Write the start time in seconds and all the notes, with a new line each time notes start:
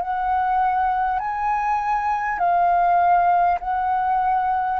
0.00 F#5
1.19 G#5
2.38 F5
3.60 F#5